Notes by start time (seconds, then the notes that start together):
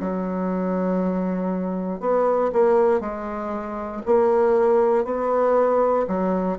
0.00 F#3
2.00 B3
2.52 A#3
3.00 G#3
4.06 A#3
5.04 B3
6.07 F#3